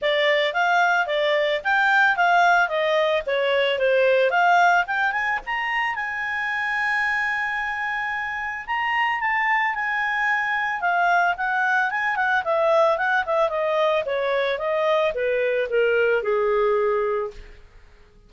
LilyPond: \new Staff \with { instrumentName = "clarinet" } { \time 4/4 \tempo 4 = 111 d''4 f''4 d''4 g''4 | f''4 dis''4 cis''4 c''4 | f''4 g''8 gis''8 ais''4 gis''4~ | gis''1 |
ais''4 a''4 gis''2 | f''4 fis''4 gis''8 fis''8 e''4 | fis''8 e''8 dis''4 cis''4 dis''4 | b'4 ais'4 gis'2 | }